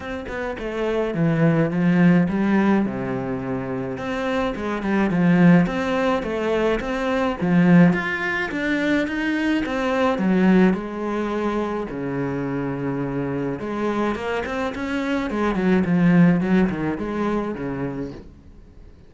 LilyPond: \new Staff \with { instrumentName = "cello" } { \time 4/4 \tempo 4 = 106 c'8 b8 a4 e4 f4 | g4 c2 c'4 | gis8 g8 f4 c'4 a4 | c'4 f4 f'4 d'4 |
dis'4 c'4 fis4 gis4~ | gis4 cis2. | gis4 ais8 c'8 cis'4 gis8 fis8 | f4 fis8 dis8 gis4 cis4 | }